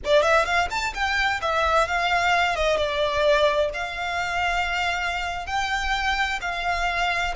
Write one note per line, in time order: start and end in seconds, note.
0.05 0.22 D5
0.22 0.45 E5
0.45 0.68 F5
0.70 0.93 A5
0.93 1.40 G5
1.41 1.87 E5
1.87 2.55 F5
2.55 2.77 D#5
2.77 3.70 D5
3.73 5.46 F5
5.46 6.39 G5
6.41 7.34 F5